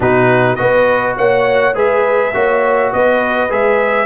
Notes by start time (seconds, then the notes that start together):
0.00 B2 D#4 F#4 B4
0.55 B3 F#4 B4 D#5
1.17 A#3 C#5 F#5
1.74 G#3 G#4 B4 E5
2.33 A#3 F#4 C#5
2.92 B3 B4 D#5
3.49 G#3 G#4 E5